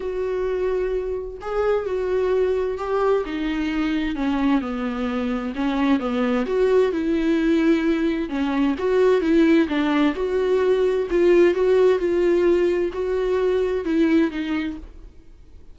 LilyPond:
\new Staff \with { instrumentName = "viola" } { \time 4/4 \tempo 4 = 130 fis'2. gis'4 | fis'2 g'4 dis'4~ | dis'4 cis'4 b2 | cis'4 b4 fis'4 e'4~ |
e'2 cis'4 fis'4 | e'4 d'4 fis'2 | f'4 fis'4 f'2 | fis'2 e'4 dis'4 | }